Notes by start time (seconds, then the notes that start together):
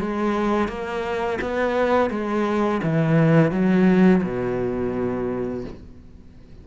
0.00 G#3
0.68 A#3
1.41 B3
2.10 G#3
2.83 E3
3.52 F#3
4.23 B2